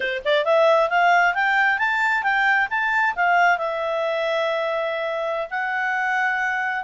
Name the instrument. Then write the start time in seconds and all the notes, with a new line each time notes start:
clarinet
0.00 C5
0.24 D5
0.44 E5
0.89 F5
1.34 G5
1.78 A5
2.23 G5
2.70 A5
3.15 F5
3.57 E5
5.50 F#5